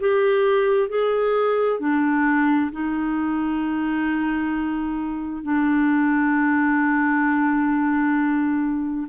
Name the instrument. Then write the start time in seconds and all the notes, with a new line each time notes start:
clarinet
0.00 G4
0.89 G#4
1.80 D4
2.72 D#4
5.43 D4